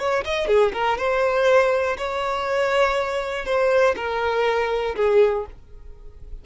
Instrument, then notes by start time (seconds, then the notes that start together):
violin
0.00 C#5
0.25 D#5
0.48 G#4
0.73 A#4
0.98 C5
1.98 C#5
3.46 C5
3.97 A#4
4.96 G#4